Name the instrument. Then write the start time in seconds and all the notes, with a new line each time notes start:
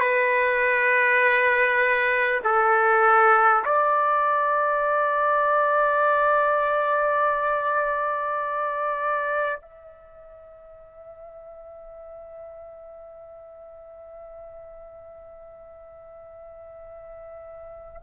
trumpet
0.00 B4
2.43 A4
3.64 D5
9.61 E5